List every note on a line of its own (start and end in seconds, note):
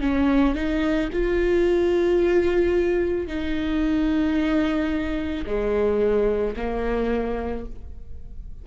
0.00 0.55 C#4
0.55 1.09 D#4
1.12 3.27 F4
3.27 5.45 D#4
5.46 6.55 G#3
6.56 7.65 A#3